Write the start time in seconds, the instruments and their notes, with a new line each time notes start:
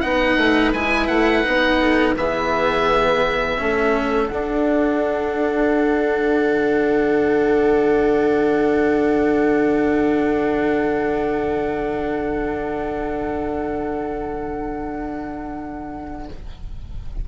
0.00 bassoon B3, cello D#4, viola B4, oboe F#5
0.37 bassoon A3
0.73 bassoon G#3, cello E4, oboe G#5
1.07 bassoon A3, oboe F#5
1.43 bassoon B3, cello D#4
1.80 viola A4
2.15 bassoon E3, cello B3, viola G#4, oboe E5
3.57 bassoon A3, cello C#4, viola A4
4.28 cello D4, bassoon D4, oboe F#5
6.45 bassoon D3